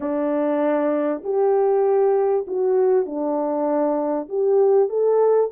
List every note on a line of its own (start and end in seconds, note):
0.00 1.22 D4
1.23 2.46 G4
2.47 3.06 F#4
3.06 4.28 D4
4.28 4.89 G4
4.89 5.50 A4